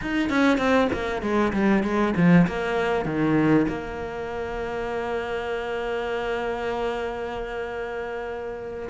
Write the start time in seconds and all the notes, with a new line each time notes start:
0.01 D#4
0.29 C#4
0.58 C4
0.92 A#3
1.21 G#3
1.53 G3
1.83 G#3
2.16 F3
2.47 A#3
3.05 D#3
3.68 A#3